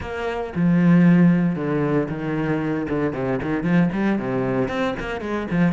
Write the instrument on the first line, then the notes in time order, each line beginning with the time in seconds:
cello
0.00 A#3
0.55 F3
1.55 D3
2.09 D#3
2.88 D3
3.13 C3
3.42 D#3
3.63 F3
3.92 G3
4.18 C3
4.68 C4
4.99 A#3
5.21 G#3
5.50 F3